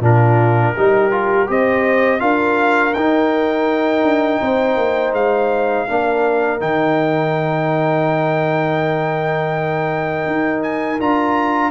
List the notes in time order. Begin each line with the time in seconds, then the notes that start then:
0.00 A#2 D4 F4 A#4
0.76 G3 D#4 G4
1.11 F4
1.47 C4 G4 C5 D#5
2.20 D4 F4 A#4 F5
2.94 D#4 G5
4.03 D4
4.41 C4 C5
4.77 A#3
5.13 G#3 F5
5.88 A#3 D4 A#4
6.60 D#3 D#4 G5
10.27 D#4
10.63 G#5
11.00 D4 F4 A#5